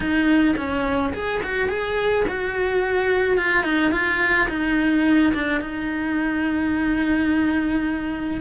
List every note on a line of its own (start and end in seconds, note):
0.00 0.55 D#4
0.56 1.12 C#4
1.13 1.41 G#4
1.43 1.68 F#4
1.68 2.24 G#4
2.28 3.37 F#4
3.37 3.63 F4
3.63 3.91 D#4
3.91 4.47 F4
4.49 5.33 D#4
5.33 5.60 D4
5.60 8.40 D#4